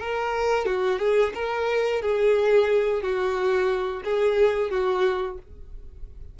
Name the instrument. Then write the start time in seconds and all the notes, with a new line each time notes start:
violin
0.00 A#4
0.65 F#4
0.99 G#4
1.34 A#4
2.01 G#4
3.02 F#4
4.04 G#4
4.70 F#4